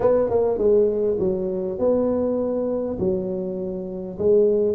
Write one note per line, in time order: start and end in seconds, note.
0.00 0.29 B3
0.29 0.58 A#3
0.58 1.17 G#3
1.19 1.78 F#3
1.78 2.97 B3
2.99 4.17 F#3
4.18 4.75 G#3